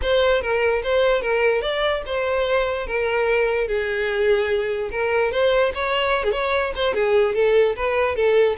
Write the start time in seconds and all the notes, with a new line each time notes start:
0.02 C5
0.41 A#4
0.83 C5
1.21 A#4
1.61 D5
2.06 C5
2.87 A#4
3.67 G#4
4.91 A#4
5.31 C5
5.74 C#5
6.23 G#4
6.32 C#5
6.75 C5
6.94 G#4
7.34 A4
7.76 B4
8.15 A4